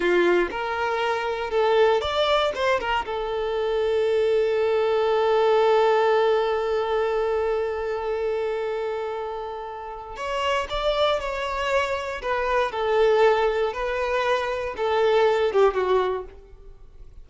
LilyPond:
\new Staff \with { instrumentName = "violin" } { \time 4/4 \tempo 4 = 118 f'4 ais'2 a'4 | d''4 c''8 ais'8 a'2~ | a'1~ | a'1~ |
a'1 | cis''4 d''4 cis''2 | b'4 a'2 b'4~ | b'4 a'4. g'8 fis'4 | }